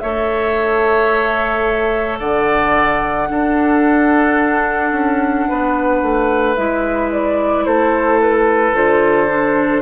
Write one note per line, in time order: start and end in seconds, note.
0.00 2.20 A3
0.00 3.30 A4
0.00 2.20 C#5
0.00 2.18 E5
2.20 3.29 D3
2.20 3.29 D5
2.20 6.56 F#5
3.30 6.57 D4
3.30 4.92 D4
3.30 5.49 A4
4.92 5.46 C#4
5.49 6.02 B3
5.49 7.66 B4
6.02 6.57 A3
6.56 7.67 G#3
6.56 8.74 E4
6.56 7.10 E5
7.12 7.65 D5
7.65 8.74 A3
7.65 9.82 A4
7.65 8.20 C5
8.22 8.76 B4
8.74 9.82 D3
8.74 9.28 F4
8.74 9.82 C5
9.28 9.82 D4